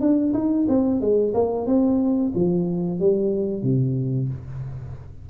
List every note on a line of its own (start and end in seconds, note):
0.00 0.33 D4
0.34 0.67 D#4
0.68 1.00 C4
1.00 1.33 G#3
1.34 1.66 A#3
1.66 2.32 C4
2.35 3.00 F3
3.00 3.63 G3
3.63 4.29 C3